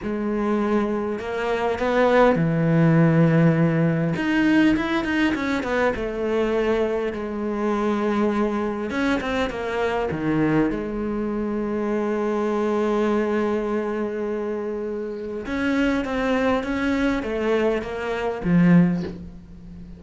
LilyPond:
\new Staff \with { instrumentName = "cello" } { \time 4/4 \tempo 4 = 101 gis2 ais4 b4 | e2. dis'4 | e'8 dis'8 cis'8 b8 a2 | gis2. cis'8 c'8 |
ais4 dis4 gis2~ | gis1~ | gis2 cis'4 c'4 | cis'4 a4 ais4 f4 | }